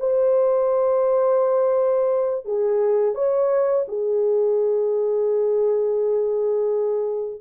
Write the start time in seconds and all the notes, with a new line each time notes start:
0.00 C5
2.46 G#4
3.15 C#5
3.88 G#4